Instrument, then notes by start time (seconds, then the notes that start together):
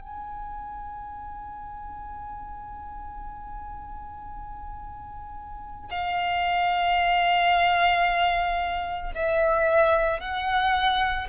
violin
0.00 G#5
5.90 F5
9.15 E5
10.20 F#5